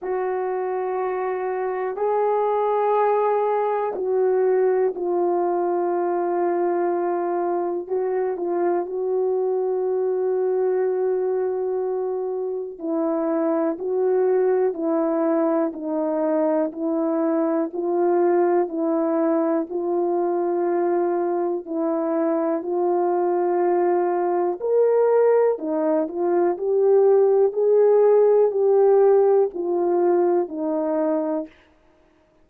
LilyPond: \new Staff \with { instrumentName = "horn" } { \time 4/4 \tempo 4 = 61 fis'2 gis'2 | fis'4 f'2. | fis'8 f'8 fis'2.~ | fis'4 e'4 fis'4 e'4 |
dis'4 e'4 f'4 e'4 | f'2 e'4 f'4~ | f'4 ais'4 dis'8 f'8 g'4 | gis'4 g'4 f'4 dis'4 | }